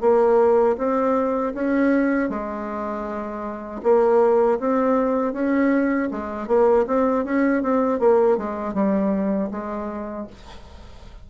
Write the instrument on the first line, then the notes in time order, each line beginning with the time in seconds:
bassoon
0.00 A#3
0.77 C4
1.54 C#4
2.29 G#3
3.83 A#3
4.59 C4
5.33 C#4
6.11 G#3
6.47 A#3
6.87 C4
7.24 C#4
7.62 C4
7.99 A#3
8.37 G#3
8.73 G3
9.51 G#3